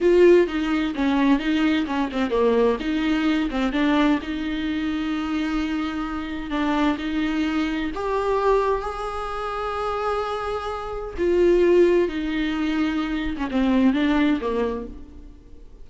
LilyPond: \new Staff \with { instrumentName = "viola" } { \time 4/4 \tempo 4 = 129 f'4 dis'4 cis'4 dis'4 | cis'8 c'8 ais4 dis'4. c'8 | d'4 dis'2.~ | dis'2 d'4 dis'4~ |
dis'4 g'2 gis'4~ | gis'1 | f'2 dis'2~ | dis'8. cis'16 c'4 d'4 ais4 | }